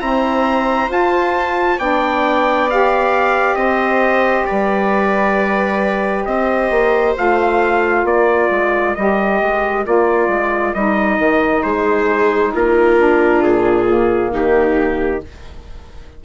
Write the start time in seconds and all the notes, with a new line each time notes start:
0.00 C4 E4 C5 A#5
0.89 F4 A5
1.78 B3 D4 D5 G5
2.70 G4 F5
3.55 C4 C5 D#5
4.46 G3 B4 D5
6.25 C4 C5 D#5
6.71 A#3
7.16 A3 F4 F5
8.04 A#3 A#4 D5
8.50 G#3
8.95 G3 G4 D#5
9.41 G#3
9.85 A#3 F4 D5
10.28 G#3
10.74 G3 D#4 D#5
11.19 D#3
11.63 G#3 G#4 C5
12.53 A#3 F4 A#4
12.98 D4
13.43 A#2 G#4
13.85 A#3
14.32 D#3 D#4 G4